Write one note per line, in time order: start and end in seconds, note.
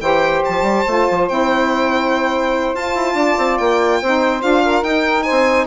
0.00 0.42 E3
0.00 0.86 G4
0.00 3.16 C5
0.00 0.43 G5
0.45 0.62 F3
0.45 1.28 A5
0.62 0.83 G3
0.87 1.08 A3
0.87 1.29 F4
1.10 1.30 F3
1.28 2.74 C4
1.28 2.76 E4
1.28 2.75 G5
2.74 2.95 F4
2.74 4.02 F4
2.74 3.58 A5
2.95 3.14 E4
3.14 3.35 D4
3.14 4.00 D5
3.38 3.59 C4
3.58 4.02 A#3
3.58 4.41 G5
4.02 4.43 C4
4.02 4.41 D#4
4.02 4.63 C5
4.41 4.82 D4
4.41 4.83 F4
4.41 4.84 F5
4.63 5.24 A#4
4.82 5.24 D#4
4.82 5.67 D#4
4.82 5.23 G5
5.23 5.66 C5
5.23 5.65 G#5
5.31 5.67 C4